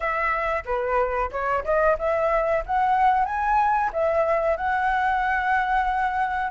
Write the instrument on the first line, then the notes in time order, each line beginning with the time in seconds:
flute
0.00 E5
0.65 B4
1.31 C#5
1.64 D#5
1.98 E5
2.66 F#5
3.25 G#5
3.92 E5
4.57 F#5